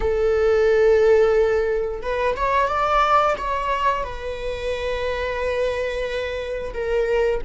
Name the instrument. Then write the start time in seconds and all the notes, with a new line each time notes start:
viola
0.00 A4
2.02 B4
2.36 C#5
2.68 D5
3.37 C#5
4.03 B4
6.73 A#4